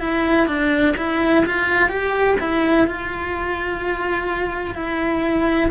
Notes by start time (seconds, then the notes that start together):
0.00 E4
0.48 D4
0.97 E4
1.46 F4
1.89 G4
2.40 E4
2.87 F4
4.75 E4